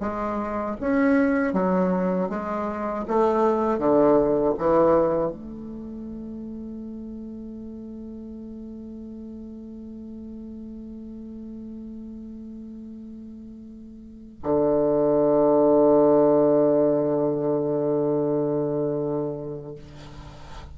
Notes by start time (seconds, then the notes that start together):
0.00 G#3
0.80 C#4
1.53 F#3
2.29 G#3
3.08 A3
3.78 D3
4.58 E3
5.31 A3
14.43 D3